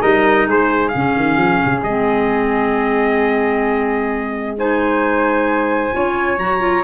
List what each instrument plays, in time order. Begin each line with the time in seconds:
0.00 tuba G3, clarinet D#4, flute A#4, trumpet D#5
0.47 tuba G#3, flute G#4, trumpet C5
0.89 trumpet F5
0.95 tuba C#3, clarinet C#4
1.16 tuba D#3
1.37 tuba F3
1.65 tuba C#3
1.83 tuba G#3, clarinet C4, trumpet D#5
4.58 clarinet D#4, flute C5, trumpet G#5
5.92 tuba C#4, clarinet F4, flute C#5
6.38 tuba F#3, clarinet F#4, trumpet A#5
6.60 clarinet F4